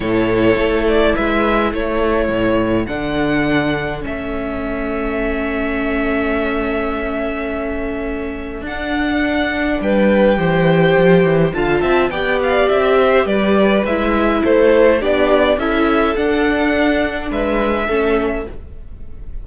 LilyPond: <<
  \new Staff \with { instrumentName = "violin" } { \time 4/4 \tempo 4 = 104 cis''4. d''8 e''4 cis''4~ | cis''4 fis''2 e''4~ | e''1~ | e''2. fis''4~ |
fis''4 g''2. | a''4 g''8 f''8 e''4 d''4 | e''4 c''4 d''4 e''4 | fis''2 e''2 | }
  \new Staff \with { instrumentName = "violin" } { \time 4/4 a'2 b'4 a'4~ | a'1~ | a'1~ | a'1~ |
a'4 b'4 c''2 | f''8 e''8 d''4. c''8 b'4~ | b'4 a'4 g'4 a'4~ | a'2 b'4 a'4 | }
  \new Staff \with { instrumentName = "viola" } { \time 4/4 e'1~ | e'4 d'2 cis'4~ | cis'1~ | cis'2. d'4~ |
d'2 g'2 | f'4 g'2. | e'2 d'4 e'4 | d'2. cis'4 | }
  \new Staff \with { instrumentName = "cello" } { \time 4/4 a,4 a4 gis4 a4 | a,4 d2 a4~ | a1~ | a2. d'4~ |
d'4 g4 e4 f8 e8 | d8 c'8 b4 c'4 g4 | gis4 a4 b4 cis'4 | d'2 gis4 a4 | }
>>